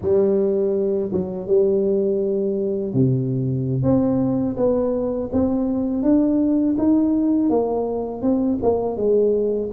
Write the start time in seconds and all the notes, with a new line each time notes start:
0.01 G3
1.12 F#3
1.47 G3
2.93 C3
3.82 C4
4.56 B3
5.32 C4
6.02 D4
6.78 D#4
7.49 A#3
8.22 C4
8.62 A#3
8.96 G#3